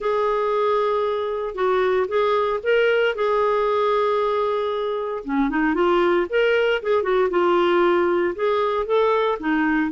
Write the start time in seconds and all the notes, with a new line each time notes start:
0.00 G#4
1.54 F#4
2.08 G#4
2.63 A#4
3.15 G#4
5.24 C#4
5.49 D#4
5.74 F4
6.29 A#4
6.82 G#4
7.02 F#4
7.29 F4
8.35 G#4
8.86 A4
9.39 D#4